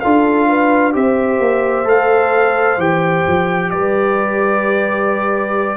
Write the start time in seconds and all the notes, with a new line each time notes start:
0.00 D4 F4 A4 F5
0.48 B4
0.92 C4 G4 C5 E5
1.39 A#3
1.84 A3 A4 F5
2.77 E3 G4 G5
3.27 F3
3.70 G3 B4 D5